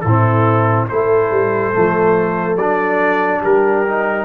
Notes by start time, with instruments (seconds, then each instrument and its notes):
0.00 tuba A2, horn E4, trumpet A4
0.08 trombone C4
0.88 tuba A3, trombone E4, horn A4, trumpet C5
1.31 tuba G3
1.73 tuba F3, trombone A3
2.57 tuba F#3, trombone D4, trumpet D5
3.41 tuba G3, horn G4, trumpet A#4
3.87 trombone D#4